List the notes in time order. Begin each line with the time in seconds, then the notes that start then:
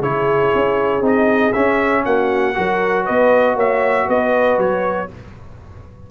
0.00 C#3 E4 G#4 C#5
0.55 C#4
1.02 C4 D#4 D#5
1.53 C#4 E5
2.06 A#3 F#4 F#5
2.55 F#3 F#4 A#4
3.05 B3 B4 D#5
3.56 A#3 C#5 E5
4.08 B3 B4 D#5
4.58 F#3 C#5